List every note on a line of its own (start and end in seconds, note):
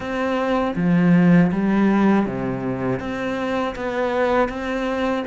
0.00 0.74 C4
0.76 1.51 F3
1.52 2.25 G3
2.25 2.99 C3
2.99 3.74 C4
3.75 4.48 B3
4.48 5.23 C4